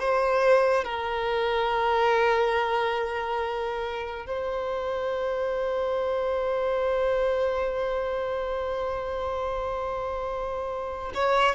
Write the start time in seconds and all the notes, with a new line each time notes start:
0.00 C5
0.85 A#4
4.27 C5
11.14 C#5